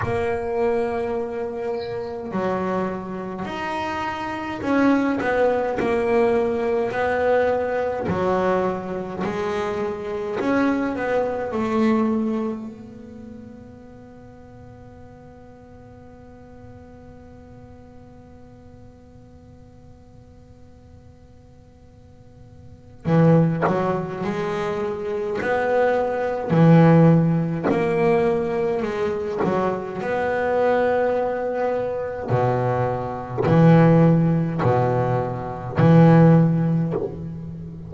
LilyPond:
\new Staff \with { instrumentName = "double bass" } { \time 4/4 \tempo 4 = 52 ais2 fis4 dis'4 | cis'8 b8 ais4 b4 fis4 | gis4 cis'8 b8 a4 b4~ | b1~ |
b1 | e8 fis8 gis4 b4 e4 | ais4 gis8 fis8 b2 | b,4 e4 b,4 e4 | }